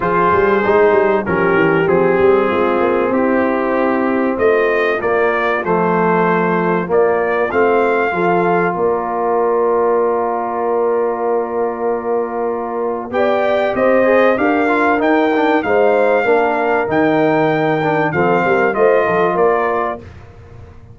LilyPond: <<
  \new Staff \with { instrumentName = "trumpet" } { \time 4/4 \tempo 4 = 96 c''2 ais'4 gis'4~ | gis'4 g'2 dis''4 | d''4 c''2 d''4 | f''2 d''2~ |
d''1~ | d''4 g''4 dis''4 f''4 | g''4 f''2 g''4~ | g''4 f''4 dis''4 d''4 | }
  \new Staff \with { instrumentName = "horn" } { \time 4/4 gis'2 g'2 | f'4 e'2 f'4~ | f'1~ | f'4 a'4 ais'2~ |
ais'1~ | ais'4 d''4 c''4 ais'4~ | ais'4 c''4 ais'2~ | ais'4 a'8 ais'8 c''8 a'8 ais'4 | }
  \new Staff \with { instrumentName = "trombone" } { \time 4/4 f'4 dis'4 cis'4 c'4~ | c'1 | ais4 a2 ais4 | c'4 f'2.~ |
f'1~ | f'4 g'4. gis'8 g'8 f'8 | dis'8 d'8 dis'4 d'4 dis'4~ | dis'8 d'8 c'4 f'2 | }
  \new Staff \with { instrumentName = "tuba" } { \time 4/4 f8 g8 gis8 g8 f8 e8 f8 g8 | gis8 ais8 c'2 a4 | ais4 f2 ais4 | a4 f4 ais2~ |
ais1~ | ais4 b4 c'4 d'4 | dis'4 gis4 ais4 dis4~ | dis4 f8 g8 a8 f8 ais4 | }
>>